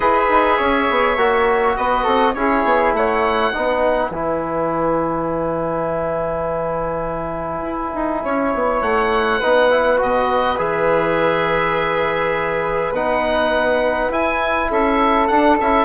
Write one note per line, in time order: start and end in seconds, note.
0.00 0.27 E4
0.00 1.17 G#4
0.00 0.57 B4
0.00 1.76 E5
0.29 0.58 D#4
0.57 0.88 C#4
0.57 1.75 C#5
0.89 1.16 B3
1.16 1.75 A#3
1.16 2.35 F#4
1.76 2.06 B3
1.76 2.03 B4
1.76 2.34 D#5
2.03 2.35 C4
2.03 2.32 A4
2.34 2.64 C#4
2.34 3.53 E4
2.34 2.95 G#4
2.34 2.92 C#5
2.64 2.92 B3
2.92 3.51 A3
2.92 3.53 C#5
2.92 4.11 F#5
3.53 4.10 B3
3.53 4.12 D#4
3.53 8.24 B4
4.10 7.62 E3
4.10 9.42 E4
4.10 8.82 G#5
7.62 7.91 E4
7.94 8.24 D#4
8.24 8.54 C#4
8.24 9.39 C#5
8.54 8.81 B3
8.81 9.40 A3
8.81 9.99 F#5
9.39 10.01 B3
9.39 9.70 D#4
9.39 14.68 B4
9.70 9.97 E4
9.97 10.59 B2
9.97 10.56 F#4
9.97 10.58 D#5
10.58 12.92 E3
10.58 12.93 G#4
10.58 12.94 E5
12.92 14.09 B3
12.92 14.11 D#4
12.92 14.12 F#5
14.09 14.68 E4
14.09 15.29 E4
14.09 14.71 G#5
14.70 15.29 C#4
14.70 15.85 A4
14.70 15.27 E5
15.27 15.58 D4
15.27 15.59 D4
15.27 15.56 F#5
15.60 15.85 C#4
15.60 15.85 E4
15.60 15.85 E5